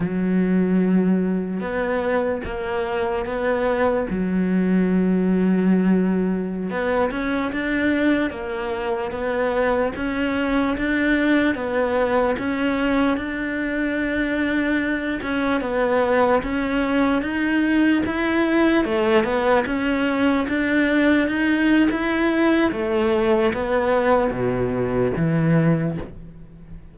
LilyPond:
\new Staff \with { instrumentName = "cello" } { \time 4/4 \tempo 4 = 74 fis2 b4 ais4 | b4 fis2.~ | fis16 b8 cis'8 d'4 ais4 b8.~ | b16 cis'4 d'4 b4 cis'8.~ |
cis'16 d'2~ d'8 cis'8 b8.~ | b16 cis'4 dis'4 e'4 a8 b16~ | b16 cis'4 d'4 dis'8. e'4 | a4 b4 b,4 e4 | }